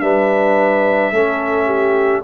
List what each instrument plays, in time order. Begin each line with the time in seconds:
0.00 tuba G3, trombone D4, horn B4, trumpet E5
1.12 tuba A3, trombone C#4, horn A4
1.66 horn G4